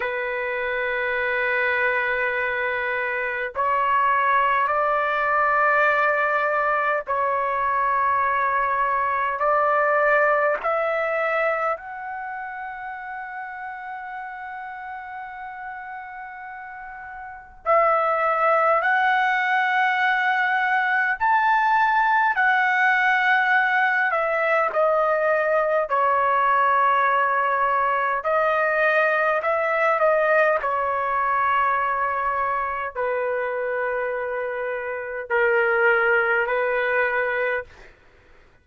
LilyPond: \new Staff \with { instrumentName = "trumpet" } { \time 4/4 \tempo 4 = 51 b'2. cis''4 | d''2 cis''2 | d''4 e''4 fis''2~ | fis''2. e''4 |
fis''2 a''4 fis''4~ | fis''8 e''8 dis''4 cis''2 | dis''4 e''8 dis''8 cis''2 | b'2 ais'4 b'4 | }